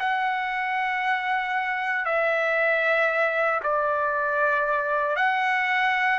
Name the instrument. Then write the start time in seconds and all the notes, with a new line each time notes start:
trumpet
0.00 F#5
2.05 E5
3.63 D5
5.16 F#5